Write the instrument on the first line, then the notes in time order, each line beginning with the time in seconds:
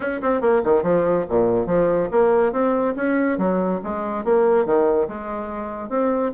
bassoon
0.00 C#4
0.21 C4
0.41 A#3
0.64 D#3
0.83 F3
1.29 A#2
1.66 F3
2.11 A#3
2.52 C4
2.96 C#4
3.38 F#3
3.83 G#3
4.24 A#3
4.65 D#3
5.07 G#3
5.89 C4